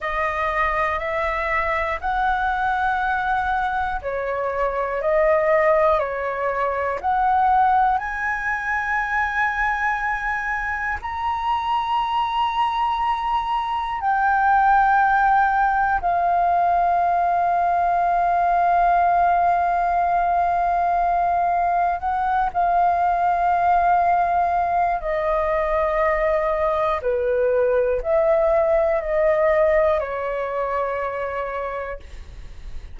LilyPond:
\new Staff \with { instrumentName = "flute" } { \time 4/4 \tempo 4 = 60 dis''4 e''4 fis''2 | cis''4 dis''4 cis''4 fis''4 | gis''2. ais''4~ | ais''2 g''2 |
f''1~ | f''2 fis''8 f''4.~ | f''4 dis''2 b'4 | e''4 dis''4 cis''2 | }